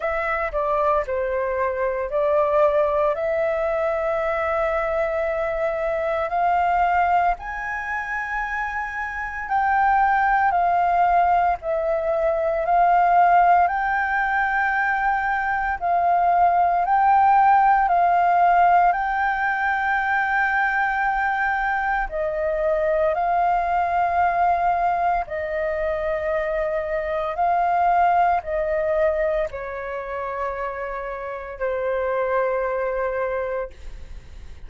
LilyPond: \new Staff \with { instrumentName = "flute" } { \time 4/4 \tempo 4 = 57 e''8 d''8 c''4 d''4 e''4~ | e''2 f''4 gis''4~ | gis''4 g''4 f''4 e''4 | f''4 g''2 f''4 |
g''4 f''4 g''2~ | g''4 dis''4 f''2 | dis''2 f''4 dis''4 | cis''2 c''2 | }